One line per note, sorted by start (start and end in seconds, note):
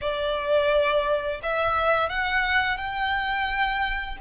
0.01 1.40 D5
1.42 2.09 E5
2.09 2.77 F#5
2.77 4.17 G5